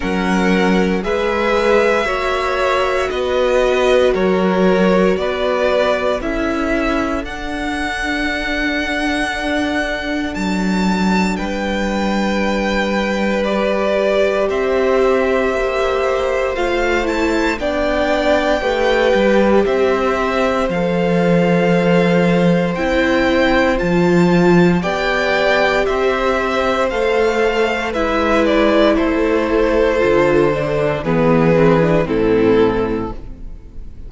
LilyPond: <<
  \new Staff \with { instrumentName = "violin" } { \time 4/4 \tempo 4 = 58 fis''4 e''2 dis''4 | cis''4 d''4 e''4 fis''4~ | fis''2 a''4 g''4~ | g''4 d''4 e''2 |
f''8 a''8 g''2 e''4 | f''2 g''4 a''4 | g''4 e''4 f''4 e''8 d''8 | c''2 b'4 a'4 | }
  \new Staff \with { instrumentName = "violin" } { \time 4/4 ais'4 b'4 cis''4 b'4 | ais'4 b'4 a'2~ | a'2. b'4~ | b'2 c''2~ |
c''4 d''4 b'4 c''4~ | c''1 | d''4 c''2 b'4 | a'2 gis'4 e'4 | }
  \new Staff \with { instrumentName = "viola" } { \time 4/4 cis'4 gis'4 fis'2~ | fis'2 e'4 d'4~ | d'1~ | d'4 g'2. |
f'8 e'8 d'4 g'2 | a'2 e'4 f'4 | g'2 a'4 e'4~ | e'4 f'8 d'8 b8 c'16 d'16 c'4 | }
  \new Staff \with { instrumentName = "cello" } { \time 4/4 fis4 gis4 ais4 b4 | fis4 b4 cis'4 d'4~ | d'2 fis4 g4~ | g2 c'4 ais4 |
a4 b4 a8 g8 c'4 | f2 c'4 f4 | b4 c'4 a4 gis4 | a4 d4 e4 a,4 | }
>>